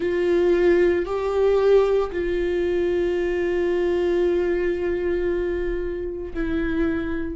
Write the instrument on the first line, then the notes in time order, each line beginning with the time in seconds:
viola
0.00 F4
1.05 G4
2.11 F4
6.33 E4